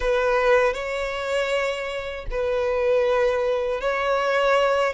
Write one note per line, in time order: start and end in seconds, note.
0.00 0.73 B4
0.73 2.25 C#5
2.30 3.80 B4
3.80 4.93 C#5